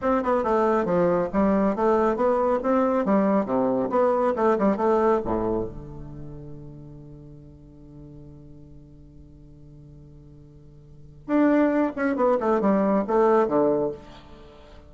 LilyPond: \new Staff \with { instrumentName = "bassoon" } { \time 4/4 \tempo 4 = 138 c'8 b8 a4 f4 g4 | a4 b4 c'4 g4 | c4 b4 a8 g8 a4 | a,4 d2.~ |
d1~ | d1~ | d2 d'4. cis'8 | b8 a8 g4 a4 d4 | }